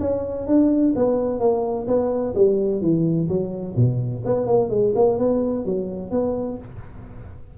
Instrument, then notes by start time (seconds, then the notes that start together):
tuba
0.00 C#4
0.47 D4
0.96 B3
1.40 A#3
1.87 B3
2.35 G3
2.81 E3
3.28 F#3
3.76 B2
4.25 B3
4.46 A#3
4.70 G#3
4.95 A#3
5.18 B3
5.65 F#3
6.11 B3